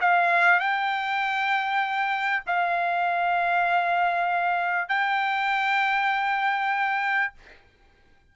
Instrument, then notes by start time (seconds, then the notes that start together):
trumpet
0.00 F5
0.59 G5
2.46 F5
4.88 G5